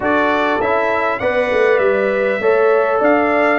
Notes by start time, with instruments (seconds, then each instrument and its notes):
0.00 tuba D4, trombone F#4, horn A4, trumpet D5
0.60 tuba C#4, trombone E4, trumpet E5
1.19 tuba B3, trombone B4, horn D5, trumpet F#5
1.52 tuba A3
1.78 tuba G3, trumpet E5
2.39 tuba A3, trombone A4, horn C#5
3.00 tuba D4, horn D5, trumpet F5